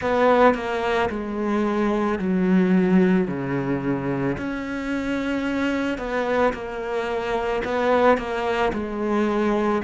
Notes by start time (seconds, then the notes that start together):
0.00 B3
0.54 A#3
1.09 G#3
2.18 F#3
3.27 C#3
4.37 C#4
5.98 B3
6.53 A#3
7.64 B3
8.17 A#3
8.72 G#3